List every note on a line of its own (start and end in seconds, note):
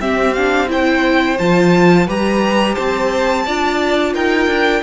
0.00 0.34 C4
0.00 1.39 C4
0.00 0.71 G4
0.00 0.34 E5
0.34 0.68 D4
0.34 0.68 F5
0.68 1.37 E4
0.68 2.07 C5
0.68 1.39 G5
1.39 2.08 F3
1.39 2.08 F4
1.39 2.08 A5
2.07 2.77 G3
2.07 3.46 G4
2.07 2.75 B4
2.07 2.75 A#5
2.75 3.48 C4
2.75 3.44 C5
2.75 4.13 A5
3.46 4.15 D4
3.46 4.83 F4
3.46 4.14 D5
4.14 4.47 D#4
4.14 4.83 A#4
4.14 4.83 G5
4.47 4.82 D4